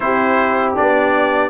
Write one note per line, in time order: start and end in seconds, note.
0.00 0.77 C4
0.00 0.75 E4
0.00 1.49 G4
0.00 0.72 C5
0.75 1.49 B3
0.75 1.49 D4
0.75 1.49 D5